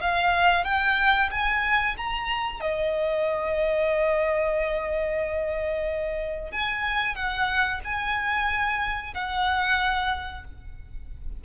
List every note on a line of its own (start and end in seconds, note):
0.00 0.64 F5
0.64 1.29 G5
1.30 1.96 G#5
1.97 2.60 A#5
2.60 6.51 D#5
6.51 7.15 G#5
7.15 7.80 F#5
7.84 9.14 G#5
9.14 10.44 F#5